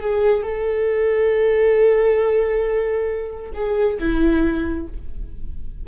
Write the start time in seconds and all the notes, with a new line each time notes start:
0.00 G#4
0.42 A4
3.53 G#4
3.99 E4